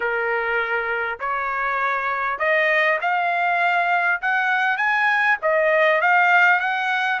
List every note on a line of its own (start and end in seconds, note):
0.00 1.19 A#4
1.19 2.38 C#5
2.38 2.98 D#5
3.01 4.21 F5
4.21 4.77 F#5
4.77 5.37 G#5
5.42 6.01 D#5
6.01 6.60 F5
6.60 7.20 F#5